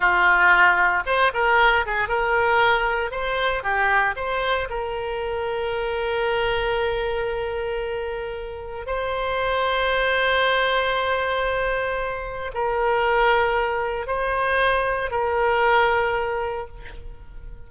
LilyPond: \new Staff \with { instrumentName = "oboe" } { \time 4/4 \tempo 4 = 115 f'2 c''8 ais'4 gis'8 | ais'2 c''4 g'4 | c''4 ais'2.~ | ais'1~ |
ais'4 c''2.~ | c''1 | ais'2. c''4~ | c''4 ais'2. | }